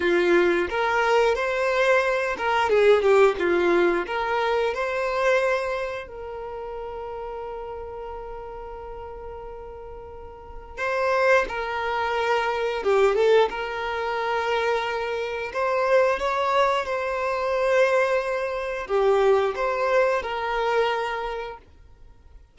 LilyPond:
\new Staff \with { instrumentName = "violin" } { \time 4/4 \tempo 4 = 89 f'4 ais'4 c''4. ais'8 | gis'8 g'8 f'4 ais'4 c''4~ | c''4 ais'2.~ | ais'1 |
c''4 ais'2 g'8 a'8 | ais'2. c''4 | cis''4 c''2. | g'4 c''4 ais'2 | }